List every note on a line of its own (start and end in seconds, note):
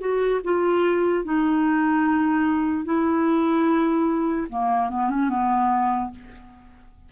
0.00 0.41 F#4
0.44 1.25 F4
1.25 2.85 D#4
2.85 4.47 E4
4.49 4.89 A#3
4.89 5.10 B3
5.10 5.29 C#4
5.29 6.10 B3